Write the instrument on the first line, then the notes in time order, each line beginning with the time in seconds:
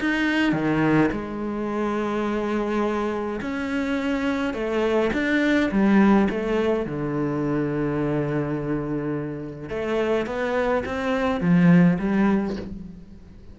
cello
0.00 D#4
0.53 D#3
1.12 G#3
3.41 C#4
4.54 A3
5.13 D4
5.71 G3
6.30 A3
6.86 D3
9.69 A3
10.26 B3
10.85 C4
11.41 F3
11.99 G3